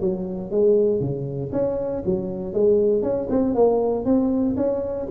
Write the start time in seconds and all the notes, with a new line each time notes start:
0.00 F#3
0.51 G#3
1.00 C#3
1.52 C#4
2.05 F#3
2.53 G#3
3.02 C#4
3.30 C4
3.54 A#3
4.05 C4
4.56 C#4